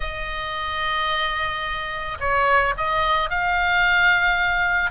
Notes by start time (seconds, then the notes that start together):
0.00 D#5
2.20 C#5
2.77 D#5
3.30 F5